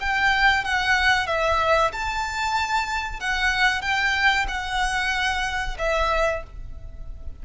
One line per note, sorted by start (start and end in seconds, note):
0.00 0.64 G5
0.64 1.27 F#5
1.27 1.91 E5
1.92 3.20 A5
3.20 3.82 F#5
3.82 4.46 G5
4.48 5.77 F#5
5.78 6.43 E5